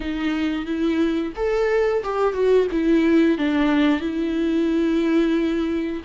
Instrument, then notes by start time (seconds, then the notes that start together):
viola
0.00 D#4
0.65 E4
1.35 A4
2.03 G4
2.33 F#4
2.71 E4
3.38 D4
4.00 E4